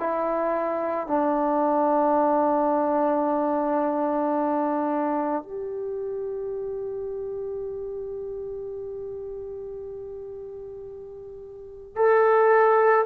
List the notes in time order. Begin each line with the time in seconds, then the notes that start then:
0.00 E4
1.08 D4
5.43 G4
11.97 A4